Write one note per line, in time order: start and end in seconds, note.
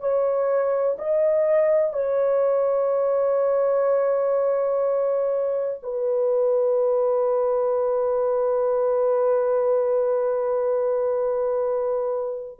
0.00 0.97 C#5
0.99 1.93 D#5
1.93 5.80 C#5
5.83 12.59 B4